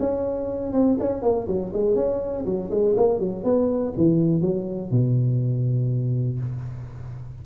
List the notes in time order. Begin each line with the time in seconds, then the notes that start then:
0.00 C#4
0.73 C4
1.00 C#4
1.23 A#3
1.48 F#3
1.74 G#3
1.96 C#4
2.46 F#3
2.71 G#3
2.97 A#3
3.20 F#3
3.44 B3
3.97 E3
4.42 F#3
4.91 B2